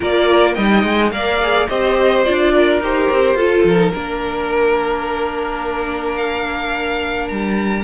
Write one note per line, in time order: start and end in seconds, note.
0.00 0.57 A#3
0.00 0.55 F4
0.00 0.54 A#4
0.00 0.54 D5
0.54 0.83 G3
0.54 1.11 D#4
0.54 1.10 D#5
0.54 1.10 G5
0.83 1.11 G#3
1.11 1.67 A#3
1.11 1.41 A#4
1.11 1.68 D5
1.11 1.67 F5
1.42 1.68 G#4
1.68 2.26 C4
1.68 2.25 G4
1.68 2.52 C5
1.68 2.24 D#5
2.24 2.80 D4
2.24 2.81 F4
2.24 2.80 D5
2.54 3.36 A#4
2.80 3.08 D#4
2.80 3.37 G4
2.80 3.66 C5
3.10 3.34 C4
3.34 3.62 F4
3.34 3.76 F4
3.34 3.92 A4
3.64 3.92 F3
3.64 6.16 A#4
3.76 3.90 D#4
3.93 7.30 A#3
3.93 7.83 D4
3.93 7.83 A#4
6.16 7.28 F5
7.28 7.83 G3
7.28 7.83 A#5